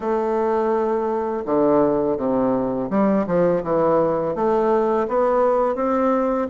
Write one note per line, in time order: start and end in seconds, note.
0.00 1.43 A3
1.45 2.17 D3
2.17 2.89 C3
2.89 3.26 G3
3.26 3.62 F3
3.63 4.35 E3
4.35 5.07 A3
5.08 5.75 B3
5.75 6.47 C4